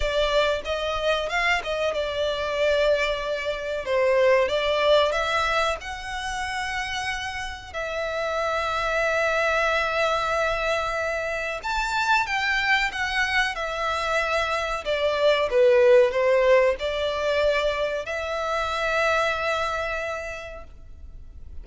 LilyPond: \new Staff \with { instrumentName = "violin" } { \time 4/4 \tempo 4 = 93 d''4 dis''4 f''8 dis''8 d''4~ | d''2 c''4 d''4 | e''4 fis''2. | e''1~ |
e''2 a''4 g''4 | fis''4 e''2 d''4 | b'4 c''4 d''2 | e''1 | }